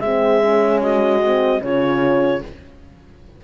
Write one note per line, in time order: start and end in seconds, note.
0.00 1.61 G#3
0.00 0.42 C4
0.00 0.82 G#4
0.00 0.80 E5
0.42 1.22 C#4
0.82 1.62 F#4
0.82 1.63 D#5
1.22 1.61 C4
1.61 2.42 C#3
1.61 2.41 C#4
1.61 2.44 F4
1.61 2.43 C#5